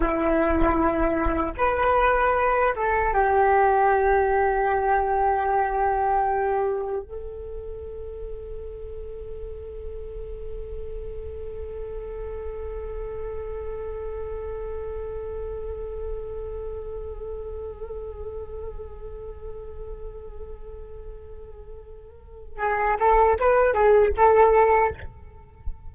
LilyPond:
\new Staff \with { instrumentName = "flute" } { \time 4/4 \tempo 4 = 77 e'2 b'4. a'8 | g'1~ | g'4 a'2.~ | a'1~ |
a'1~ | a'1~ | a'1~ | a'4 gis'8 a'8 b'8 gis'8 a'4 | }